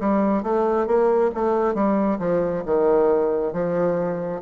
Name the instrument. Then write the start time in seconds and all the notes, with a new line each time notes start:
bassoon
0.00 G3
0.43 A3
0.87 A#3
1.35 A3
1.74 G3
2.19 F3
2.66 D#3
3.53 F3